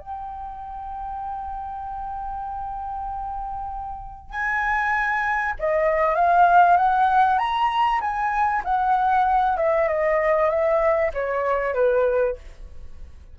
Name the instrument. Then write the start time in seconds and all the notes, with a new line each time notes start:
flute
0.00 G5
4.31 G#5
5.60 D#5
6.16 F5
6.77 F#5
7.39 A#5
8.01 G#5
8.65 F#5
9.58 E5
9.89 D#5
10.50 E5
11.14 C#5
11.75 B4